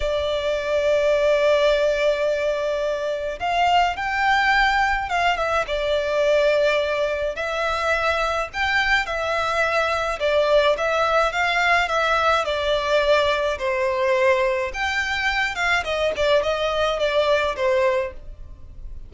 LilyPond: \new Staff \with { instrumentName = "violin" } { \time 4/4 \tempo 4 = 106 d''1~ | d''2 f''4 g''4~ | g''4 f''8 e''8 d''2~ | d''4 e''2 g''4 |
e''2 d''4 e''4 | f''4 e''4 d''2 | c''2 g''4. f''8 | dis''8 d''8 dis''4 d''4 c''4 | }